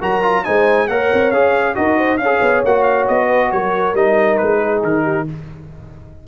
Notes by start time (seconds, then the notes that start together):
0.00 F#3 F#4 A#4 A#5
0.22 F4
0.44 G#3 D#4 C5 G#5
0.87 A#3 A#4 C#5 F#5
1.13 C4
1.31 C#4 G#4 F5
1.75 D#4 F#4 A#4 D#5
1.97 C5
2.17 C#4 C#5 F5
2.24 G#4
2.41 B3
2.64 A#3 F#4 F#5
2.83 F5
3.08 B3 D#5
3.27 B4
3.51 F#3 A#4 C#5
3.94 G3 D#4 D#5
4.37 G#3 B4
4.59 G#4
4.83 D#3 A#4
5.03 G4